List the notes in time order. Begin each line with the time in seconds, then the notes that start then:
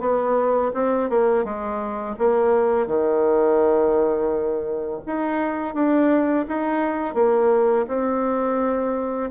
0.00 B3
0.74 C4
1.09 A#3
1.44 G#3
2.18 A#3
2.86 D#3
5.06 D#4
5.74 D4
6.48 D#4
7.14 A#3
7.87 C4